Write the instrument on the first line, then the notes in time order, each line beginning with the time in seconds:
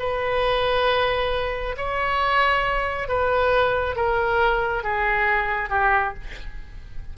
oboe
0.00 B4
1.77 C#5
3.09 B4
3.96 A#4
4.84 G#4
5.70 G4